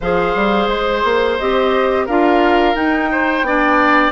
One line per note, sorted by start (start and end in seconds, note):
0.01 0.35 F3
0.01 1.40 G#4
0.01 2.05 C5
0.01 0.68 F5
0.35 0.67 G3
0.67 1.02 G#3
0.67 1.37 C5
1.04 1.38 A#3
1.37 2.07 C4
1.37 2.08 G4
1.37 2.06 D#5
2.05 2.74 D4
2.05 2.74 F4
2.05 3.09 A#4
2.05 2.75 F5
2.74 3.43 D#4
2.74 3.42 D#4
2.74 4.12 G5
3.11 3.46 C5
3.42 4.10 B3
3.42 4.12 D4
3.42 4.12 D5